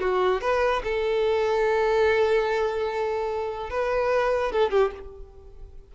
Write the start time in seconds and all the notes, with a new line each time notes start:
0.00 F#4
0.41 B4
0.83 A4
3.70 B4
4.52 A4
4.71 G4